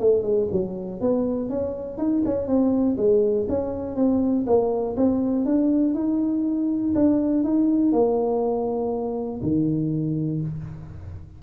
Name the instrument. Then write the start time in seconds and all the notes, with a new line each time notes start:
tuba
0.00 A3
0.23 G#3
0.52 F#3
1.01 B3
1.49 C#4
1.98 D#4
2.26 C#4
2.47 C4
2.97 G#3
3.48 C#4
3.96 C4
4.47 A#3
4.97 C4
5.46 D4
5.94 D#4
6.95 D4
7.44 D#4
7.92 A#3
9.42 D#3